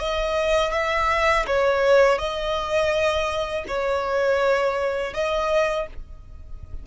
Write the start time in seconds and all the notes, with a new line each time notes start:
0.00 D#5
0.73 E5
1.47 C#5
2.19 D#5
3.68 C#5
5.14 D#5